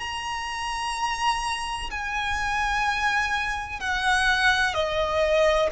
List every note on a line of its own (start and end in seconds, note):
0.00 1.90 A#5
1.91 3.81 G#5
3.81 4.74 F#5
4.74 5.70 D#5